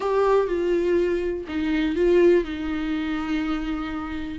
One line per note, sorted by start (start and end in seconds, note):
0.00 0.47 G4
0.47 1.44 F4
1.48 1.95 D#4
1.95 2.44 F4
2.44 4.39 D#4